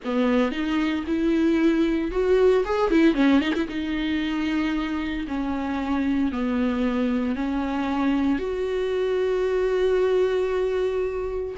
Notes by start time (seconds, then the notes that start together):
0.04 B3
0.51 D#4
1.06 E4
2.11 F#4
2.65 G#4
2.90 E4
3.14 C#4
3.40 D#4
3.54 E4
3.68 D#4
5.27 C#4
6.32 B3
7.35 C#4
8.39 F#4